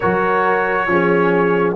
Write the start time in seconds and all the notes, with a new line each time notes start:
0.00 F#3 F#4 A#4 C#5
0.87 F3 C#4 G#4